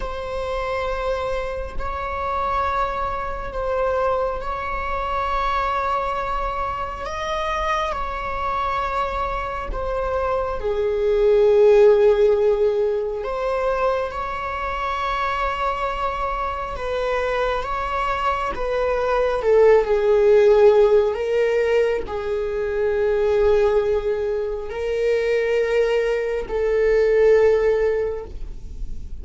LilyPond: \new Staff \with { instrumentName = "viola" } { \time 4/4 \tempo 4 = 68 c''2 cis''2 | c''4 cis''2. | dis''4 cis''2 c''4 | gis'2. c''4 |
cis''2. b'4 | cis''4 b'4 a'8 gis'4. | ais'4 gis'2. | ais'2 a'2 | }